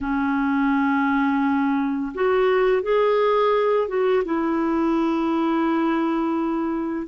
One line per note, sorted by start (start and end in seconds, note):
0.00 2.12 C#4
2.14 2.82 F#4
2.82 3.88 G#4
3.88 4.23 F#4
4.24 7.07 E4